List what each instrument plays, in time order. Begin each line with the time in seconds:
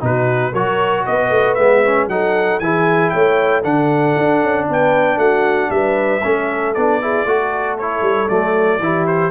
0.00 tuba B2, trombone D#4, horn F#4, trumpet B4
0.52 tuba F#3, trombone F#4, horn A#4, trumpet C#5
1.06 tuba B3, horn B4, trumpet D#5
1.30 tuba A3
1.54 tuba G#3, trombone B3, trumpet E5
1.84 trombone C#4
2.08 tuba F#3, trombone D#4, horn A4, trumpet F#5
2.59 tuba E3, trombone E4, horn G#4, trumpet G#5
3.09 tuba A3, horn C#5, trumpet G5
3.61 tuba D3, trombone D4, horn A4, trumpet F#5
4.17 tuba D4
4.42 tuba C#4
4.68 tuba B3, horn B4, trumpet G5
5.16 tuba A3, horn F#4, trumpet F#5
5.70 tuba G3, horn B4, trumpet E5
6.23 tuba A3, trombone C#4, horn A4
6.74 tuba B3, trombone D4, trumpet D5
7.01 trombone E4, horn G#4
7.25 tuba A3, trombone F#4, horn A4
7.78 trombone E4, trumpet C#5
8.01 tuba G3
8.28 tuba F#3, trombone A3, trumpet D5
8.79 tuba E3, trombone E4, horn G4
9.07 trumpet C5